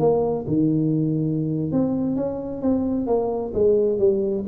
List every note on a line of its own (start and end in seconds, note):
0.00 0.46 A#3
0.47 1.72 D#3
1.72 2.17 C4
2.17 2.62 C#4
2.62 3.07 C4
3.07 3.53 A#3
3.54 3.99 G#3
3.99 4.45 G3